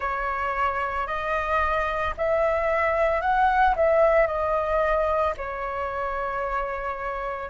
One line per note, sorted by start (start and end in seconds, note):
0.00 1.06 C#5
1.07 2.14 D#5
2.17 3.21 E5
3.21 3.75 F#5
3.75 4.27 E5
4.27 5.34 D#5
5.37 7.49 C#5